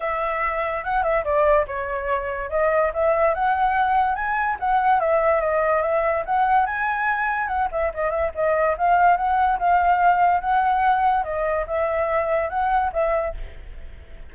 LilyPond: \new Staff \with { instrumentName = "flute" } { \time 4/4 \tempo 4 = 144 e''2 fis''8 e''8 d''4 | cis''2 dis''4 e''4 | fis''2 gis''4 fis''4 | e''4 dis''4 e''4 fis''4 |
gis''2 fis''8 e''8 dis''8 e''8 | dis''4 f''4 fis''4 f''4~ | f''4 fis''2 dis''4 | e''2 fis''4 e''4 | }